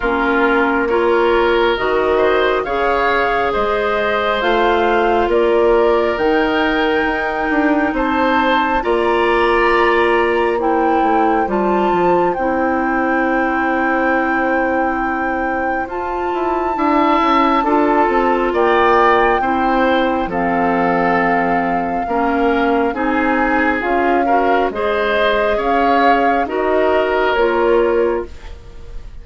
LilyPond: <<
  \new Staff \with { instrumentName = "flute" } { \time 4/4 \tempo 4 = 68 ais'4 cis''4 dis''4 f''4 | dis''4 f''4 d''4 g''4~ | g''4 a''4 ais''2 | g''4 a''4 g''2~ |
g''2 a''2~ | a''4 g''2 f''4~ | f''2 gis''4 f''4 | dis''4 f''4 dis''4 cis''4 | }
  \new Staff \with { instrumentName = "oboe" } { \time 4/4 f'4 ais'4. c''8 cis''4 | c''2 ais'2~ | ais'4 c''4 d''2 | c''1~ |
c''2. e''4 | a'4 d''4 c''4 a'4~ | a'4 ais'4 gis'4. ais'8 | c''4 cis''4 ais'2 | }
  \new Staff \with { instrumentName = "clarinet" } { \time 4/4 cis'4 f'4 fis'4 gis'4~ | gis'4 f'2 dis'4~ | dis'2 f'2 | e'4 f'4 e'2~ |
e'2 f'4 e'4 | f'2 e'4 c'4~ | c'4 cis'4 dis'4 f'8 fis'8 | gis'2 fis'4 f'4 | }
  \new Staff \with { instrumentName = "bassoon" } { \time 4/4 ais2 dis4 cis4 | gis4 a4 ais4 dis4 | dis'8 d'8 c'4 ais2~ | ais8 a8 g8 f8 c'2~ |
c'2 f'8 e'8 d'8 cis'8 | d'8 c'8 ais4 c'4 f4~ | f4 ais4 c'4 cis'4 | gis4 cis'4 dis'4 ais4 | }
>>